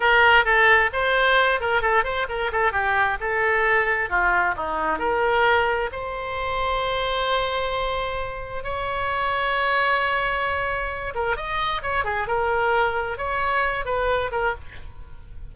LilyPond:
\new Staff \with { instrumentName = "oboe" } { \time 4/4 \tempo 4 = 132 ais'4 a'4 c''4. ais'8 | a'8 c''8 ais'8 a'8 g'4 a'4~ | a'4 f'4 dis'4 ais'4~ | ais'4 c''2.~ |
c''2. cis''4~ | cis''1~ | cis''8 ais'8 dis''4 cis''8 gis'8 ais'4~ | ais'4 cis''4. b'4 ais'8 | }